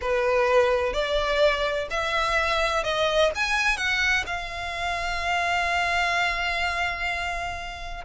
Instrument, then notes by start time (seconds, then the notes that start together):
violin
0.01 B4
0.93 D5
1.90 E5
2.83 D#5
3.35 G#5
3.77 F#5
4.26 F5